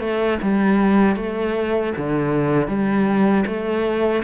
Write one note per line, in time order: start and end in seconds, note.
0.00 0.38 A3
0.42 1.16 G3
1.16 1.93 A3
1.97 2.67 D3
2.67 3.44 G3
3.47 4.23 A3